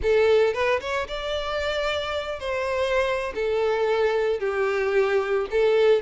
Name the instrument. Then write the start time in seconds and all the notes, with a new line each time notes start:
violin
0.02 A4
0.53 B4
0.80 C#5
1.07 D5
2.39 C5
3.35 A4
4.39 G4
5.50 A4